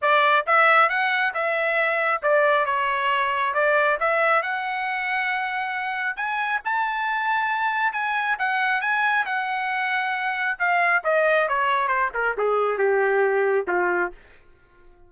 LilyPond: \new Staff \with { instrumentName = "trumpet" } { \time 4/4 \tempo 4 = 136 d''4 e''4 fis''4 e''4~ | e''4 d''4 cis''2 | d''4 e''4 fis''2~ | fis''2 gis''4 a''4~ |
a''2 gis''4 fis''4 | gis''4 fis''2. | f''4 dis''4 cis''4 c''8 ais'8 | gis'4 g'2 f'4 | }